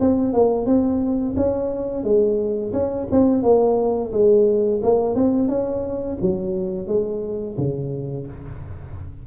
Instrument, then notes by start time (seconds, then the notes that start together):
tuba
0.00 C4
0.33 A#3
0.66 C4
1.36 C#4
2.03 G#3
2.73 C#4
3.11 C4
3.43 A#3
4.12 G#3
4.83 A#3
5.15 C4
5.49 C#4
6.21 F#3
6.87 G#3
7.58 C#3